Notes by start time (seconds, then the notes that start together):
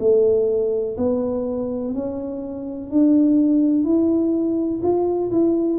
0.00 A3
0.98 B3
1.94 C#4
2.91 D4
3.84 E4
4.83 F4
5.31 E4